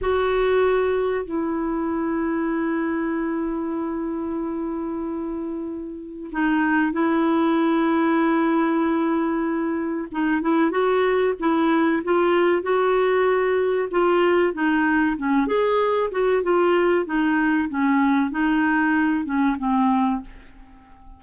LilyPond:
\new Staff \with { instrumentName = "clarinet" } { \time 4/4 \tempo 4 = 95 fis'2 e'2~ | e'1~ | e'2 dis'4 e'4~ | e'1 |
dis'8 e'8 fis'4 e'4 f'4 | fis'2 f'4 dis'4 | cis'8 gis'4 fis'8 f'4 dis'4 | cis'4 dis'4. cis'8 c'4 | }